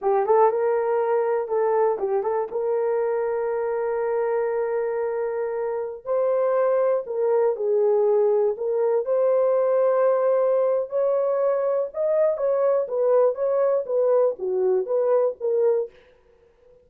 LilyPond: \new Staff \with { instrumentName = "horn" } { \time 4/4 \tempo 4 = 121 g'8 a'8 ais'2 a'4 | g'8 a'8 ais'2.~ | ais'1~ | ais'16 c''2 ais'4 gis'8.~ |
gis'4~ gis'16 ais'4 c''4.~ c''16~ | c''2 cis''2 | dis''4 cis''4 b'4 cis''4 | b'4 fis'4 b'4 ais'4 | }